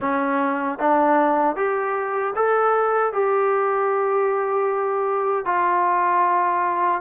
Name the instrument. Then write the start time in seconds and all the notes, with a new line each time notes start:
trombone
0.00 C#4
0.78 D4
1.56 G4
2.35 A4
3.12 G4
5.45 F4